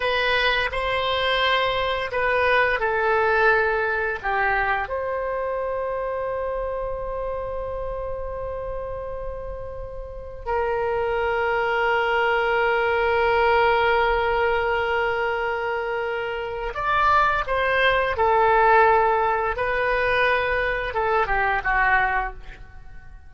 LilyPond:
\new Staff \with { instrumentName = "oboe" } { \time 4/4 \tempo 4 = 86 b'4 c''2 b'4 | a'2 g'4 c''4~ | c''1~ | c''2. ais'4~ |
ais'1~ | ais'1 | d''4 c''4 a'2 | b'2 a'8 g'8 fis'4 | }